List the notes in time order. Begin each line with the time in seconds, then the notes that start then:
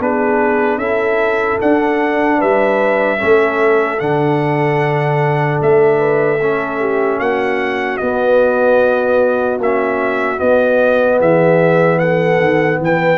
0.00 B3 D4 G#4 B4
0.78 C#4 E4 A4 E5
1.61 D4 F#5
2.38 G3 B4 E5
3.18 A3 C#4 A4
3.99 D3 D4 F#5
5.62 A3 E5
5.99 B4
6.41 C#4 A4
6.80 G4
7.19 A#3 F#4 F#5
7.98 B3 D#5
9.59 A#3 C#4 E5
10.37 B3 D#5
11.20 E3 G#4 E5
11.99 A4 F#5
12.40 D#3
12.80 E3 B4 G5